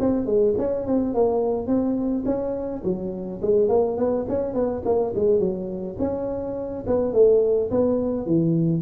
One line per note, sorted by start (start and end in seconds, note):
0.00 0.26 C4
0.26 0.54 G#3
0.58 0.86 C#4
0.86 1.14 C4
1.14 1.67 A#3
1.67 2.24 C4
2.25 2.82 C#4
2.84 3.41 F#3
3.42 3.69 G#3
3.69 3.97 A#3
3.97 4.26 B3
4.29 4.54 C#4
4.54 4.82 B3
4.85 5.14 A#3
5.15 5.39 G#3
5.39 5.97 F#3
5.99 6.84 C#4
6.87 7.13 B3
7.13 7.70 A3
7.71 8.26 B3
8.26 8.82 E3